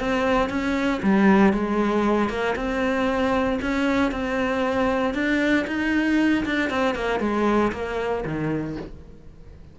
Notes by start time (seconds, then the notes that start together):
0.00 C4
0.49 C#4
1.03 G3
1.53 G#3
2.29 A#3
2.56 C4
3.62 C#4
4.12 C4
5.14 D4
5.67 D#4
6.46 D4
6.70 C4
6.95 A#3
7.20 G#3
7.73 A#3
8.25 D#3